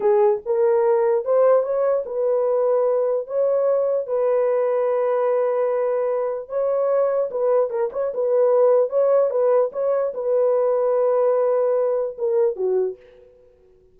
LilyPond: \new Staff \with { instrumentName = "horn" } { \time 4/4 \tempo 4 = 148 gis'4 ais'2 c''4 | cis''4 b'2. | cis''2 b'2~ | b'1 |
cis''2 b'4 ais'8 cis''8 | b'2 cis''4 b'4 | cis''4 b'2.~ | b'2 ais'4 fis'4 | }